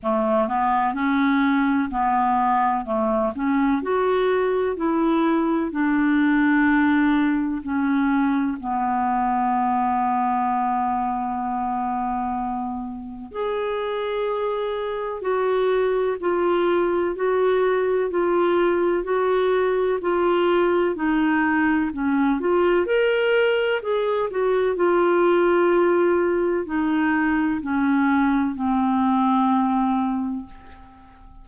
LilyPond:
\new Staff \with { instrumentName = "clarinet" } { \time 4/4 \tempo 4 = 63 a8 b8 cis'4 b4 a8 cis'8 | fis'4 e'4 d'2 | cis'4 b2.~ | b2 gis'2 |
fis'4 f'4 fis'4 f'4 | fis'4 f'4 dis'4 cis'8 f'8 | ais'4 gis'8 fis'8 f'2 | dis'4 cis'4 c'2 | }